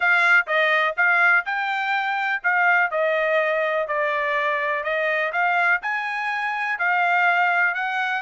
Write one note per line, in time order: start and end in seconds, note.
0.00 0.46 F5
0.46 0.95 D#5
0.96 1.45 F5
1.45 2.42 G5
2.43 2.90 F5
2.90 3.87 D#5
3.87 4.83 D5
4.83 5.31 D#5
5.32 5.80 F5
5.82 6.79 G#5
6.79 7.74 F5
7.74 8.22 F#5